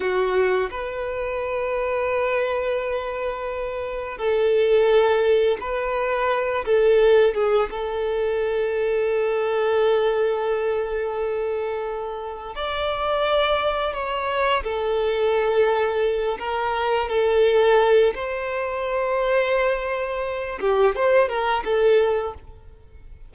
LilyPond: \new Staff \with { instrumentName = "violin" } { \time 4/4 \tempo 4 = 86 fis'4 b'2.~ | b'2 a'2 | b'4. a'4 gis'8 a'4~ | a'1~ |
a'2 d''2 | cis''4 a'2~ a'8 ais'8~ | ais'8 a'4. c''2~ | c''4. g'8 c''8 ais'8 a'4 | }